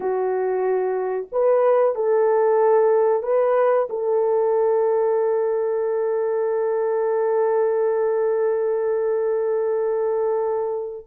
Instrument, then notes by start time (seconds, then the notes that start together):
horn
0.00 F#4
1.32 B4
1.95 A4
3.23 B4
3.89 A4